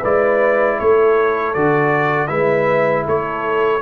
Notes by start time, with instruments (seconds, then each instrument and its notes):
0.00 tuba G#3, trombone E4, horn B4, trumpet D5
0.79 tuba A3, horn A4, trumpet C#5
1.54 tuba D3, trombone F#4, trumpet D5
2.28 tuba G#3, trombone E4, horn B4, trumpet E5
3.06 tuba A3, horn A4, trumpet C#5